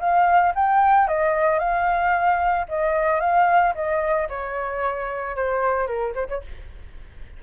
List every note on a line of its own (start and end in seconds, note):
0.00 0.54 F5
0.55 1.08 G5
1.08 1.59 D#5
1.59 2.66 F5
2.69 3.20 D#5
3.20 3.74 F5
3.75 4.28 D#5
4.29 5.36 C#5
5.36 5.87 C5
5.87 6.14 A#4
6.15 6.28 C5
6.28 6.42 C#5